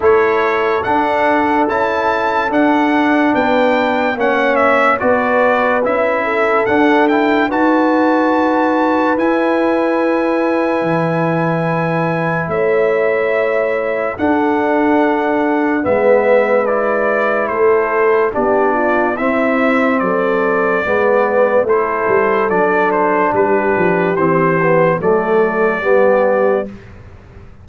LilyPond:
<<
  \new Staff \with { instrumentName = "trumpet" } { \time 4/4 \tempo 4 = 72 cis''4 fis''4 a''4 fis''4 | g''4 fis''8 e''8 d''4 e''4 | fis''8 g''8 a''2 gis''4~ | gis''2. e''4~ |
e''4 fis''2 e''4 | d''4 c''4 d''4 e''4 | d''2 c''4 d''8 c''8 | b'4 c''4 d''2 | }
  \new Staff \with { instrumentName = "horn" } { \time 4/4 a'1 | b'4 cis''4 b'4. a'8~ | a'4 b'2.~ | b'2. cis''4~ |
cis''4 a'2 b'4~ | b'4 a'4 g'8 f'8 e'4 | a'4 b'4 a'2 | g'2 a'4 g'4 | }
  \new Staff \with { instrumentName = "trombone" } { \time 4/4 e'4 d'4 e'4 d'4~ | d'4 cis'4 fis'4 e'4 | d'8 e'8 fis'2 e'4~ | e'1~ |
e'4 d'2 b4 | e'2 d'4 c'4~ | c'4 b4 e'4 d'4~ | d'4 c'8 b8 a4 b4 | }
  \new Staff \with { instrumentName = "tuba" } { \time 4/4 a4 d'4 cis'4 d'4 | b4 ais4 b4 cis'4 | d'4 dis'2 e'4~ | e'4 e2 a4~ |
a4 d'2 gis4~ | gis4 a4 b4 c'4 | fis4 gis4 a8 g8 fis4 | g8 f8 e4 fis4 g4 | }
>>